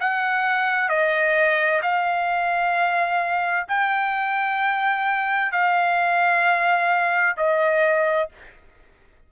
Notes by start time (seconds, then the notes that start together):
0.00 F#5
0.89 D#5
1.82 F5
3.68 G5
5.52 F5
7.37 D#5